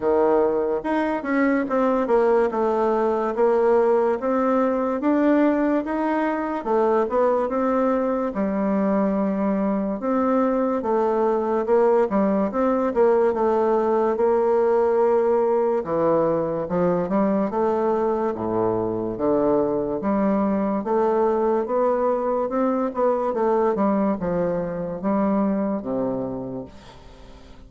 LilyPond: \new Staff \with { instrumentName = "bassoon" } { \time 4/4 \tempo 4 = 72 dis4 dis'8 cis'8 c'8 ais8 a4 | ais4 c'4 d'4 dis'4 | a8 b8 c'4 g2 | c'4 a4 ais8 g8 c'8 ais8 |
a4 ais2 e4 | f8 g8 a4 a,4 d4 | g4 a4 b4 c'8 b8 | a8 g8 f4 g4 c4 | }